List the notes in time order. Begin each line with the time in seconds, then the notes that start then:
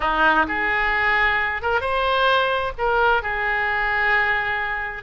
0.00 D#4
0.48 G#4
1.62 A#4
1.80 C5
2.78 A#4
3.22 G#4